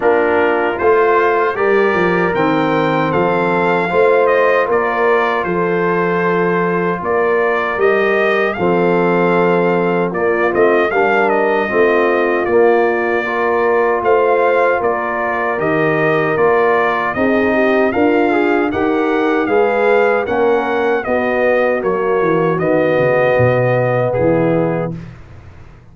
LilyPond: <<
  \new Staff \with { instrumentName = "trumpet" } { \time 4/4 \tempo 4 = 77 ais'4 c''4 d''4 g''4 | f''4. dis''8 d''4 c''4~ | c''4 d''4 dis''4 f''4~ | f''4 d''8 dis''8 f''8 dis''4. |
d''2 f''4 d''4 | dis''4 d''4 dis''4 f''4 | fis''4 f''4 fis''4 dis''4 | cis''4 dis''2 gis'4 | }
  \new Staff \with { instrumentName = "horn" } { \time 4/4 f'2 ais'2 | a'4 c''4 ais'4 a'4~ | a'4 ais'2 a'4~ | a'4 f'4 ais'4 f'4~ |
f'4 ais'4 c''4 ais'4~ | ais'2 gis'8 g'8 f'4 | ais'4 b'4 ais'4 fis'4~ | fis'2. e'4 | }
  \new Staff \with { instrumentName = "trombone" } { \time 4/4 d'4 f'4 g'4 c'4~ | c'4 f'2.~ | f'2 g'4 c'4~ | c'4 ais8 c'8 d'4 c'4 |
ais4 f'2. | g'4 f'4 dis'4 ais'8 gis'8 | g'4 gis'4 cis'4 b4 | ais4 b2. | }
  \new Staff \with { instrumentName = "tuba" } { \time 4/4 ais4 a4 g8 f8 dis4 | f4 a4 ais4 f4~ | f4 ais4 g4 f4~ | f4 ais8 a8 g4 a4 |
ais2 a4 ais4 | dis4 ais4 c'4 d'4 | dis'4 gis4 ais4 b4 | fis8 e8 dis8 cis8 b,4 e4 | }
>>